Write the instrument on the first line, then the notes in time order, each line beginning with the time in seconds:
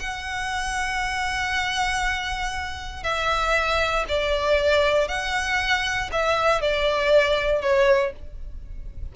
violin
0.00 F#5
3.03 E5
4.09 D5
5.08 F#5
6.12 E5
6.61 D5
7.62 C#5